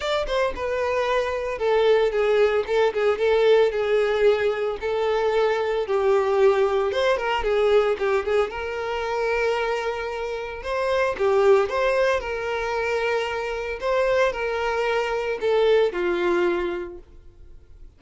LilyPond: \new Staff \with { instrumentName = "violin" } { \time 4/4 \tempo 4 = 113 d''8 c''8 b'2 a'4 | gis'4 a'8 gis'8 a'4 gis'4~ | gis'4 a'2 g'4~ | g'4 c''8 ais'8 gis'4 g'8 gis'8 |
ais'1 | c''4 g'4 c''4 ais'4~ | ais'2 c''4 ais'4~ | ais'4 a'4 f'2 | }